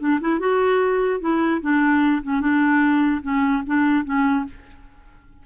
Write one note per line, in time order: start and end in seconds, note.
0.00 0.20 D4
0.21 0.40 E4
0.40 1.21 F#4
1.21 1.61 E4
1.62 2.23 D4
2.23 2.41 C#4
2.41 3.22 D4
3.23 3.63 C#4
3.67 4.05 D4
4.05 4.46 C#4